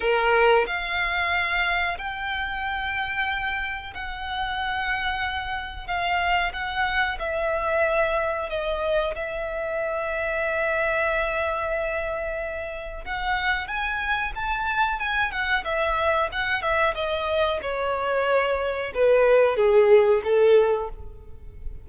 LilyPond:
\new Staff \with { instrumentName = "violin" } { \time 4/4 \tempo 4 = 92 ais'4 f''2 g''4~ | g''2 fis''2~ | fis''4 f''4 fis''4 e''4~ | e''4 dis''4 e''2~ |
e''1 | fis''4 gis''4 a''4 gis''8 fis''8 | e''4 fis''8 e''8 dis''4 cis''4~ | cis''4 b'4 gis'4 a'4 | }